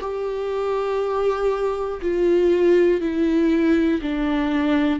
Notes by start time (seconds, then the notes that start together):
0.00 G4
2.01 F4
3.00 E4
4.01 D4